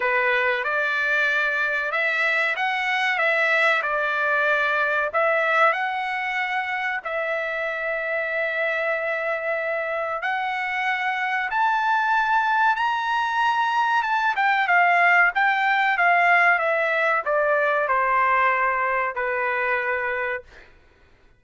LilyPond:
\new Staff \with { instrumentName = "trumpet" } { \time 4/4 \tempo 4 = 94 b'4 d''2 e''4 | fis''4 e''4 d''2 | e''4 fis''2 e''4~ | e''1 |
fis''2 a''2 | ais''2 a''8 g''8 f''4 | g''4 f''4 e''4 d''4 | c''2 b'2 | }